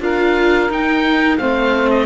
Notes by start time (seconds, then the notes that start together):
0.00 D4 F4 A#4 F5
0.69 D#4 G5
1.37 A3 C4 C5 F5
1.90 D#5